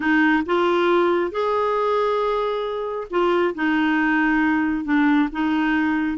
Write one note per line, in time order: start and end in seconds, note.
0.00 0.43 D#4
0.46 1.31 F4
1.31 3.07 G#4
3.10 3.54 F4
3.54 4.84 D#4
4.84 5.28 D4
5.31 6.17 D#4